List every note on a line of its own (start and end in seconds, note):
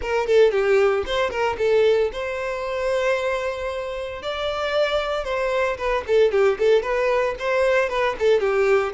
0.01 0.27 A#4
0.27 0.51 A4
0.51 1.04 G4
1.06 1.30 C5
1.30 1.56 A#4
1.58 2.10 A4
2.12 4.22 C5
4.22 5.24 D5
5.24 5.77 C5
5.77 6.04 B4
6.07 6.31 A4
6.31 6.58 G4
6.58 6.82 A4
6.82 7.35 B4
7.39 7.89 C5
7.89 8.15 B4
8.19 8.40 A4
8.40 8.92 G4